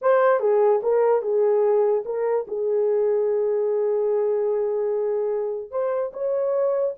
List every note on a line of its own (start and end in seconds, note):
0.01 0.40 C5
0.40 0.81 G#4
0.83 1.22 A#4
1.22 2.03 G#4
2.05 2.46 A#4
2.47 5.70 G#4
5.70 6.11 C5
6.13 6.94 C#5